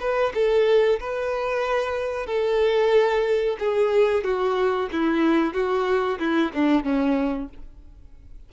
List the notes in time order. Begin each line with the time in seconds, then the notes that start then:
0.00 B4
0.34 A4
1.00 B4
2.26 A4
3.59 G#4
4.24 F#4
4.92 E4
5.54 F#4
6.19 E4
6.54 D4
6.84 C#4